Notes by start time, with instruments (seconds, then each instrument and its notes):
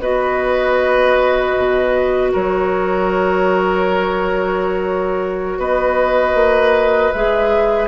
0.00 bassoon B3, clarinet F#4, oboe B4, flute D#5
1.57 bassoon B2
2.33 bassoon F#3, oboe A#4, flute C#5
5.58 bassoon B3, oboe B4, flute D#5
6.35 bassoon A#3
7.12 bassoon G#3, clarinet G#4, flute E5